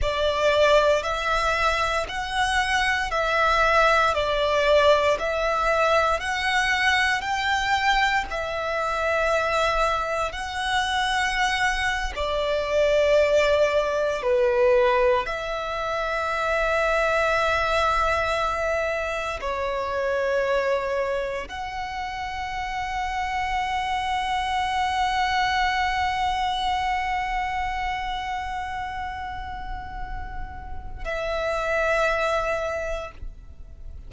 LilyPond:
\new Staff \with { instrumentName = "violin" } { \time 4/4 \tempo 4 = 58 d''4 e''4 fis''4 e''4 | d''4 e''4 fis''4 g''4 | e''2 fis''4.~ fis''16 d''16~ | d''4.~ d''16 b'4 e''4~ e''16~ |
e''2~ e''8. cis''4~ cis''16~ | cis''8. fis''2.~ fis''16~ | fis''1~ | fis''2 e''2 | }